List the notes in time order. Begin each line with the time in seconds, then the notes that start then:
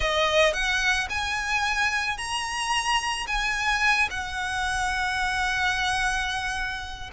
0.00 D#5
0.53 F#5
1.09 G#5
2.17 A#5
3.27 G#5
4.10 F#5